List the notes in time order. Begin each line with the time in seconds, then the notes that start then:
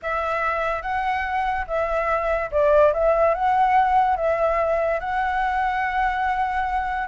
0.02 E5
0.82 F#5
1.67 E5
2.51 D5
2.93 E5
3.34 F#5
4.16 E5
5.00 F#5